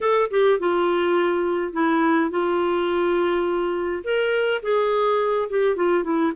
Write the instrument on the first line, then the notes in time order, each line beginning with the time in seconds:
clarinet
0.00 A4
0.30 G4
0.59 F4
1.72 E4
2.30 F4
4.04 A#4
4.62 G#4
5.49 G4
5.75 F4
6.03 E4